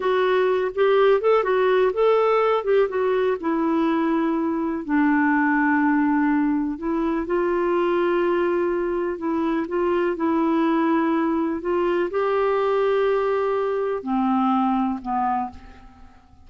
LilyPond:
\new Staff \with { instrumentName = "clarinet" } { \time 4/4 \tempo 4 = 124 fis'4. g'4 a'8 fis'4 | a'4. g'8 fis'4 e'4~ | e'2 d'2~ | d'2 e'4 f'4~ |
f'2. e'4 | f'4 e'2. | f'4 g'2.~ | g'4 c'2 b4 | }